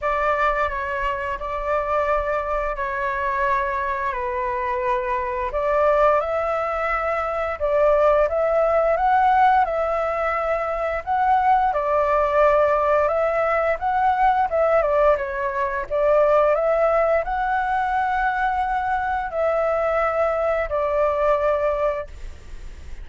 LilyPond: \new Staff \with { instrumentName = "flute" } { \time 4/4 \tempo 4 = 87 d''4 cis''4 d''2 | cis''2 b'2 | d''4 e''2 d''4 | e''4 fis''4 e''2 |
fis''4 d''2 e''4 | fis''4 e''8 d''8 cis''4 d''4 | e''4 fis''2. | e''2 d''2 | }